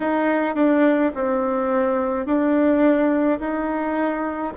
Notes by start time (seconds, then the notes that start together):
0.00 D#4
0.55 D4
1.14 C4
2.26 D4
3.40 D#4